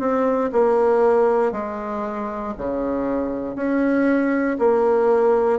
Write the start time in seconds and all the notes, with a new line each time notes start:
0.00 C4
0.53 A#3
1.53 G#3
2.58 C#3
3.56 C#4
4.59 A#3